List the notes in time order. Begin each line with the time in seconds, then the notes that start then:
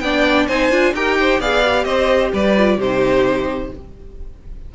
0.00 B3 D4 D5 G5
0.47 C4 D#4 C5 G#5
0.71 D4 F4
0.93 D#4 G4 A#4 G5
1.20 C5
1.40 B3 G#4 D5 F5
1.64 G4
1.84 C4 C5 D#5
2.33 G3 B4 D5
2.57 F4
2.77 C3 D#4 G4 C5